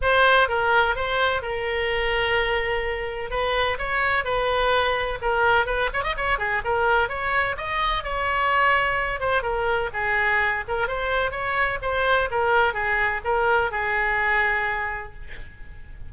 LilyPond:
\new Staff \with { instrumentName = "oboe" } { \time 4/4 \tempo 4 = 127 c''4 ais'4 c''4 ais'4~ | ais'2. b'4 | cis''4 b'2 ais'4 | b'8 cis''16 dis''16 cis''8 gis'8 ais'4 cis''4 |
dis''4 cis''2~ cis''8 c''8 | ais'4 gis'4. ais'8 c''4 | cis''4 c''4 ais'4 gis'4 | ais'4 gis'2. | }